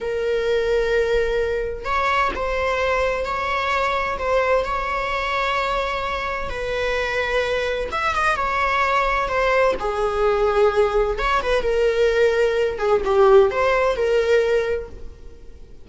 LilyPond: \new Staff \with { instrumentName = "viola" } { \time 4/4 \tempo 4 = 129 ais'1 | cis''4 c''2 cis''4~ | cis''4 c''4 cis''2~ | cis''2 b'2~ |
b'4 e''8 dis''8 cis''2 | c''4 gis'2. | cis''8 b'8 ais'2~ ais'8 gis'8 | g'4 c''4 ais'2 | }